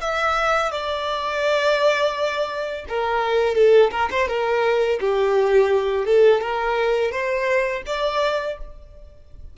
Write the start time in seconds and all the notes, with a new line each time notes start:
0.00 E5
0.71 D5
2.88 A#4
3.55 A4
3.91 A#4
4.11 C5
4.28 A#4
5.00 G4
6.05 A4
6.41 A#4
7.11 C5
7.86 D5